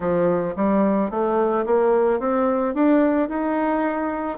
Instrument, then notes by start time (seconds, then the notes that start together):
bassoon
0.00 F3
0.56 G3
1.10 A3
1.65 A#3
2.19 C4
2.74 D4
3.28 D#4